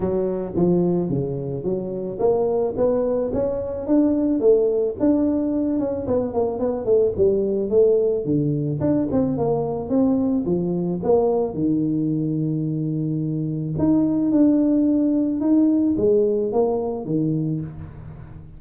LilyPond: \new Staff \with { instrumentName = "tuba" } { \time 4/4 \tempo 4 = 109 fis4 f4 cis4 fis4 | ais4 b4 cis'4 d'4 | a4 d'4. cis'8 b8 ais8 | b8 a8 g4 a4 d4 |
d'8 c'8 ais4 c'4 f4 | ais4 dis2.~ | dis4 dis'4 d'2 | dis'4 gis4 ais4 dis4 | }